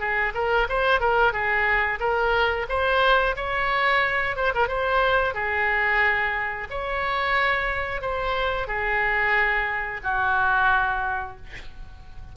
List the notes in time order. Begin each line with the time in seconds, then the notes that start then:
0.00 G#4
0.35 A#4
0.69 C5
1.01 A#4
1.33 G#4
2.00 A#4
2.69 C5
3.37 C#5
4.37 C5
4.55 A#4
4.68 C5
5.35 G#4
6.71 C#5
8.02 C5
8.68 G#4
10.04 F#4